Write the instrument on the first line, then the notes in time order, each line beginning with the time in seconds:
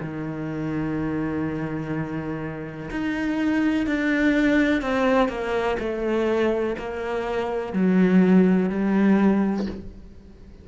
cello
0.00 D#3
2.90 D#4
3.87 D4
4.81 C4
5.28 A#3
5.79 A3
6.78 A#3
7.72 F#3
8.69 G3